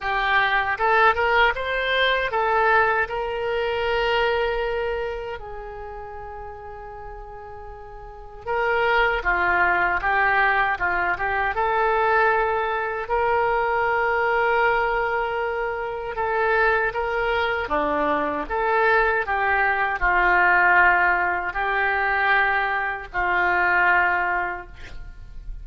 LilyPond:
\new Staff \with { instrumentName = "oboe" } { \time 4/4 \tempo 4 = 78 g'4 a'8 ais'8 c''4 a'4 | ais'2. gis'4~ | gis'2. ais'4 | f'4 g'4 f'8 g'8 a'4~ |
a'4 ais'2.~ | ais'4 a'4 ais'4 d'4 | a'4 g'4 f'2 | g'2 f'2 | }